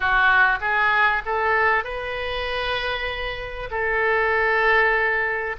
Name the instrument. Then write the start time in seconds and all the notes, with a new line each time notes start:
oboe
0.00 F#4
0.60 G#4
1.25 A4
1.84 B4
3.71 A4